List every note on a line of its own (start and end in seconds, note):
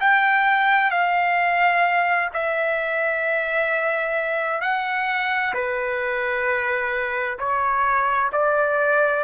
0.00 0.91 G5
0.91 2.29 F5
2.33 4.61 E5
4.61 5.53 F#5
5.53 7.38 B4
7.38 8.31 C#5
8.32 9.23 D5